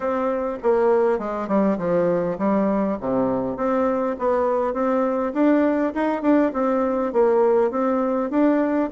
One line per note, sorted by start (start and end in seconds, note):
0.00 0.58 C4
0.62 1.19 A#3
1.19 1.47 G#3
1.47 1.77 G3
1.78 2.37 F3
2.38 2.97 G3
3.00 3.56 C3
3.56 4.16 C4
4.19 4.73 B3
4.73 5.32 C4
5.33 5.93 D4
5.94 6.22 D#4
6.22 6.52 D4
6.53 7.12 C4
7.12 7.71 A#3
7.71 8.30 C4
8.30 8.89 D4